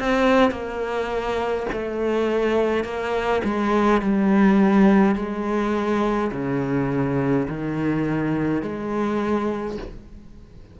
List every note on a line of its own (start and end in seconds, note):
0.00 0.51 C4
0.51 1.67 A#3
1.73 2.85 A3
2.85 3.42 A#3
3.45 4.02 G#3
4.02 5.16 G3
5.16 6.31 G#3
6.32 7.47 C#3
7.49 8.63 D#3
8.63 9.78 G#3